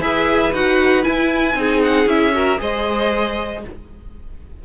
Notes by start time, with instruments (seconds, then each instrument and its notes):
0.00 cello E4, viola G#4, violin B4 E5
0.53 cello D#4, viola F#4, violin F#5
1.03 viola E4, cello E4, violin G#5
1.55 cello C4, viola D#4, violin G#4
1.83 violin F#5
2.06 cello C#4, viola E4, violin E5
2.33 viola F#4, violin A#4
2.58 cello G#3, viola G#4, violin C5 D#5